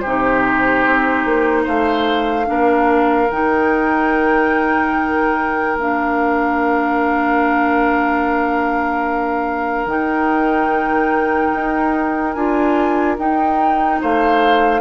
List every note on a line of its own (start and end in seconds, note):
0.00 0.85 C3
0.00 1.64 G4
0.00 1.64 C5
0.07 2.46 D#4
0.85 1.25 C4
1.25 1.66 A#3
1.64 2.48 A3
1.64 2.46 C5
1.64 3.30 F5
2.46 3.31 A#3
2.46 3.28 D4
2.46 14.00 A#4
3.31 5.76 D#3
3.31 5.79 D#4
3.31 5.77 G5
5.76 9.86 A#3
5.76 9.88 D4
5.76 9.87 F5
9.86 11.51 D#3
9.86 12.34 D#4
9.86 12.33 G5
11.54 12.35 D#4
12.33 13.17 D4
12.33 13.18 F4
12.33 13.15 G#5
13.18 14.00 D#4
13.18 14.81 D#4
13.18 14.01 G5
14.01 14.81 A3
14.01 14.81 C5
14.01 14.81 F5